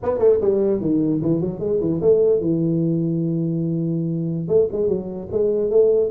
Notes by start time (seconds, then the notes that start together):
0.03 B3
0.18 A3
0.41 G3
0.80 D#3
1.21 E3
1.40 F#3
1.59 G#3
1.80 E3
2.01 A3
2.40 E3
4.48 A3
4.72 G#3
4.88 F#3
5.31 G#3
5.70 A3